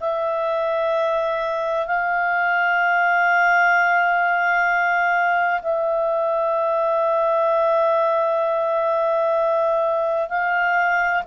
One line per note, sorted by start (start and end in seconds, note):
0.00 1.86 E5
1.86 5.61 F5
5.62 10.29 E5
10.29 11.22 F5